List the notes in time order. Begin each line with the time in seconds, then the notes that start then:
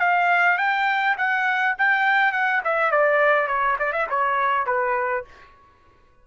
0.00 F5
0.58 G5
1.18 F#5
1.79 G5
2.33 F#5
2.65 E5
2.92 D5
3.48 C#5
3.79 D5
3.93 E5
4.10 C#5
4.67 B4